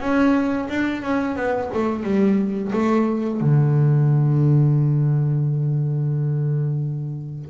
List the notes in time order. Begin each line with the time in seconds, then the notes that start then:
0.00 C#4
0.69 D4
1.02 C#4
1.36 B3
1.74 A3
2.03 G3
2.72 A3
3.40 D3